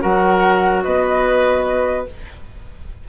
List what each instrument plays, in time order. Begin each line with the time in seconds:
0.00 bassoon F#3, clarinet F#4, oboe A#4, flute F#5
0.83 bassoon B3, oboe B4, flute D#5